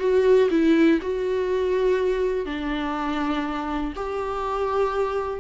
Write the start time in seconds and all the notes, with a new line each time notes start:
0.00 F#4
0.51 E4
1.02 F#4
2.46 D4
3.96 G4